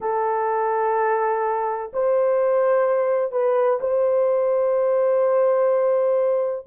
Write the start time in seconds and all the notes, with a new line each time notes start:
0.00 A4
1.93 C5
3.31 B4
3.80 C5